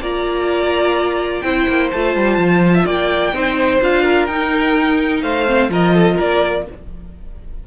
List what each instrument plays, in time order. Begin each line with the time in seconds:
0.00 cello A#3, viola F4, violin D5 A#5
1.41 cello C4, viola E4, violin C5 G5
1.68 cello A#3
1.92 cello A3, viola F4, violin A5
2.16 cello G3
2.38 cello F3
2.75 violin E5
2.86 cello A#3, violin D5 G5
3.33 cello C4, viola D#4, violin C5
3.81 cello D4, viola F4, violin F5
4.04 violin A#4
4.27 cello D#4, viola D#4, violin G5
5.23 cello A3, violin C5 F5
5.47 viola C4
5.69 cello F3, viola F4, violin A#4 D#5
5.95 violin A4
6.15 cello A#3, violin A#4 D5